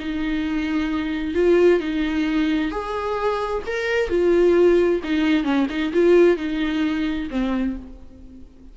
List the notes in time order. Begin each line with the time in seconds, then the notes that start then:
0.00 D#4
1.35 F4
1.80 D#4
2.72 G#4
3.67 A#4
4.10 F4
5.04 D#4
5.44 C#4
5.70 D#4
5.93 F4
6.37 D#4
7.31 C4